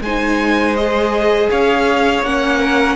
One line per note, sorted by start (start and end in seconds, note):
0.00 1.48 G#3
0.00 1.49 C5
0.00 0.75 G#5
0.06 0.77 D#4
0.75 2.24 G#4
0.75 1.50 D#5
1.49 2.22 C#4
1.49 2.58 C#5
1.49 2.23 F5
2.22 2.95 A#3
2.22 2.95 C#4
2.22 2.95 F#5
2.58 2.95 A#4